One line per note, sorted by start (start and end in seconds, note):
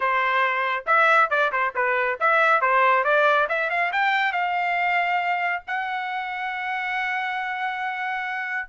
0.00 0.84 C5
0.86 1.29 E5
1.30 1.51 D5
1.52 1.73 C5
1.75 2.18 B4
2.20 2.61 E5
2.61 3.04 C5
3.04 3.47 D5
3.48 3.70 E5
3.70 3.91 F5
3.92 4.32 G5
4.32 5.62 F5
5.67 8.68 F#5